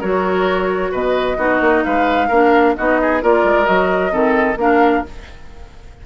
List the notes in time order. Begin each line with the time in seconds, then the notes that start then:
0.00 F#3 F#4 A#4 C#5
0.92 B2 B4 D#5
1.37 B3 D#4 F#4
1.61 A#3
1.85 G#3 B4 F5
2.28 A#3 D4 A#4
2.77 B3 D#4 F#4 D#5
3.02 G#4
3.22 A#3 F4 A#4 D5
3.44 G#3
3.65 F#3 F#4 D#5
4.11 D#3 C4 A4
4.57 A#3 D4 A#4 F5